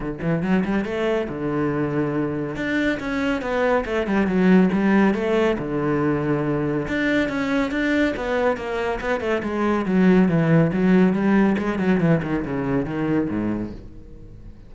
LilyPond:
\new Staff \with { instrumentName = "cello" } { \time 4/4 \tempo 4 = 140 d8 e8 fis8 g8 a4 d4~ | d2 d'4 cis'4 | b4 a8 g8 fis4 g4 | a4 d2. |
d'4 cis'4 d'4 b4 | ais4 b8 a8 gis4 fis4 | e4 fis4 g4 gis8 fis8 | e8 dis8 cis4 dis4 gis,4 | }